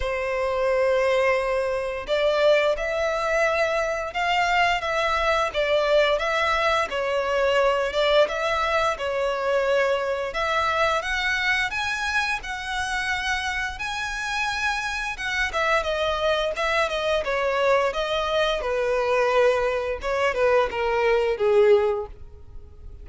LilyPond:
\new Staff \with { instrumentName = "violin" } { \time 4/4 \tempo 4 = 87 c''2. d''4 | e''2 f''4 e''4 | d''4 e''4 cis''4. d''8 | e''4 cis''2 e''4 |
fis''4 gis''4 fis''2 | gis''2 fis''8 e''8 dis''4 | e''8 dis''8 cis''4 dis''4 b'4~ | b'4 cis''8 b'8 ais'4 gis'4 | }